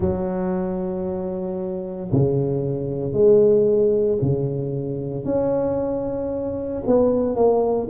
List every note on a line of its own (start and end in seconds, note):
0.00 2.11 F#3
2.11 3.12 C#3
3.12 4.18 G#3
4.21 5.24 C#3
5.24 6.82 C#4
6.86 7.35 B3
7.35 7.88 A#3